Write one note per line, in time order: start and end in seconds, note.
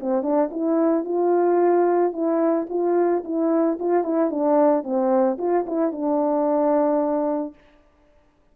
0.00 0.22 C4
0.22 0.49 D4
0.51 1.04 E4
1.04 2.12 F4
2.12 2.66 E4
2.69 3.23 F4
3.24 3.78 E4
3.79 4.03 F4
4.03 4.30 E4
4.30 4.83 D4
4.83 5.37 C4
5.38 5.65 F4
5.66 5.92 E4
5.92 7.54 D4